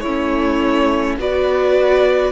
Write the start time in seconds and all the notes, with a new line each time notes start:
0.00 A3 C#4 E4 C#5
1.17 B3 F#4 B4 D5